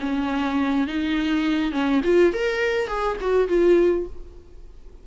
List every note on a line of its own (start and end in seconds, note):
0.00 0.87 C#4
0.88 1.72 D#4
1.72 2.02 C#4
2.04 2.33 F4
2.34 2.88 A#4
2.88 3.17 G#4
3.21 3.48 F#4
3.48 4.06 F4